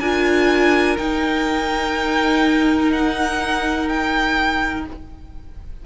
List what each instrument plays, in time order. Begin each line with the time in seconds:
0.00 cello D4, viola F4, violin A#4 G#5
0.97 viola D#4, cello D#4, violin G5
2.92 violin F#5
3.89 violin G5